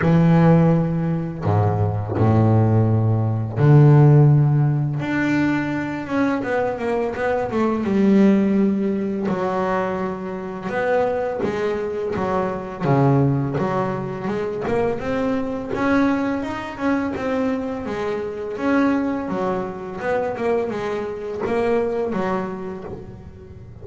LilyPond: \new Staff \with { instrumentName = "double bass" } { \time 4/4 \tempo 4 = 84 e2 gis,4 a,4~ | a,4 d2 d'4~ | d'8 cis'8 b8 ais8 b8 a8 g4~ | g4 fis2 b4 |
gis4 fis4 cis4 fis4 | gis8 ais8 c'4 cis'4 dis'8 cis'8 | c'4 gis4 cis'4 fis4 | b8 ais8 gis4 ais4 fis4 | }